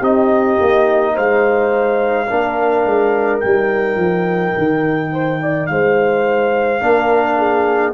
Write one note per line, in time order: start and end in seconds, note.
0.00 0.58 C4
0.00 2.27 D#4
0.00 1.13 G4
0.00 1.17 D#5
0.61 1.17 A#3
1.15 2.31 G#3
1.15 2.28 C5
1.15 3.41 F5
2.29 2.86 A#3
2.29 3.42 D4
2.29 5.12 A#4
2.86 3.43 G#3
3.41 3.96 G3
3.41 6.80 D#4
3.41 5.67 G5
3.96 4.53 F3
4.58 5.70 D#3
5.12 5.41 C5
5.43 5.71 D5
5.67 6.82 G#3
5.67 6.84 C5
5.67 7.93 F5
6.80 7.94 A#3
6.80 7.93 D4
6.80 7.38 A#4
7.38 7.94 G#4